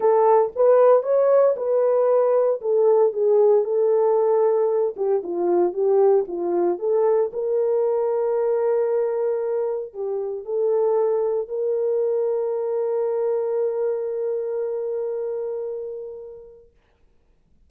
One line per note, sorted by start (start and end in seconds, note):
0.00 0.51 A4
0.55 1.02 B4
1.02 1.55 C#5
1.56 2.60 B4
2.61 3.13 A4
3.13 3.64 G#4
3.64 4.94 A4
4.96 5.22 G4
5.23 5.73 F4
5.73 6.25 G4
6.27 6.78 F4
6.78 7.31 A4
7.32 9.93 A#4
9.93 10.44 G4
10.44 11.48 A4
11.48 16.70 A#4